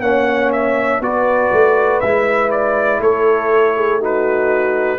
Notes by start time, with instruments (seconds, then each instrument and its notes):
0.00 tuba A#3, trombone C#4, horn C#5, trumpet F#5
0.52 trumpet E5
1.01 tuba B3, trombone F#4, horn B4, trumpet D5
1.52 tuba A3
2.00 tuba G#3, trombone E4, trumpet E5
2.51 trumpet D5
2.99 tuba A3, horn A4, trumpet C#5
3.76 horn G#4
3.99 trombone D#4, horn F#4, trumpet B4